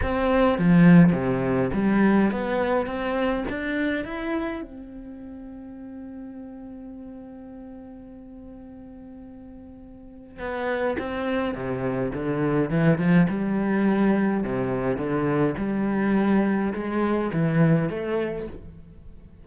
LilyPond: \new Staff \with { instrumentName = "cello" } { \time 4/4 \tempo 4 = 104 c'4 f4 c4 g4 | b4 c'4 d'4 e'4 | c'1~ | c'1~ |
c'2 b4 c'4 | c4 d4 e8 f8 g4~ | g4 c4 d4 g4~ | g4 gis4 e4 a4 | }